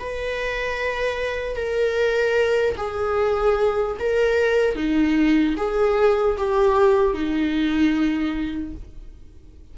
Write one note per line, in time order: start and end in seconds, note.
0.00 1.56 B4
1.56 2.76 A#4
2.77 3.97 G#4
4.00 4.76 A#4
4.76 5.56 D#4
5.57 6.37 G#4
6.38 7.14 G4
7.14 8.74 D#4